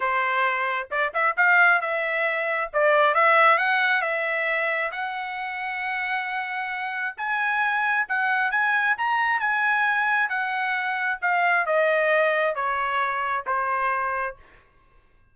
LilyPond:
\new Staff \with { instrumentName = "trumpet" } { \time 4/4 \tempo 4 = 134 c''2 d''8 e''8 f''4 | e''2 d''4 e''4 | fis''4 e''2 fis''4~ | fis''1 |
gis''2 fis''4 gis''4 | ais''4 gis''2 fis''4~ | fis''4 f''4 dis''2 | cis''2 c''2 | }